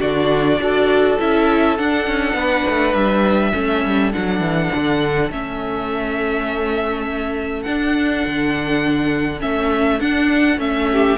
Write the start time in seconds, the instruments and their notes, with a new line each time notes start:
0.00 cello D3, viola D4, violin F#4 D5
0.59 cello D4, viola F#4, violin A4
1.19 cello C#4, viola E4, violin E5
1.78 viola D4, cello D4, violin F#5
2.07 cello C#4
2.34 cello B3, violin B4
2.69 cello A3
2.94 cello G3, violin E5
3.52 cello A3, viola C#4, violin A4
3.85 cello G3
4.13 cello F#3, viola D4, violin F#5
4.40 cello E3
4.75 cello D3
5.30 cello A3, viola C#4, violin E5
7.63 viola D4, cello D4, violin F#5
8.26 cello D3
9.40 cello A3, viola C#4, violin E5
10.00 cello D4, viola D4, violin F#5
10.58 cello A3, viola C#4, violin E5
10.92 violin G4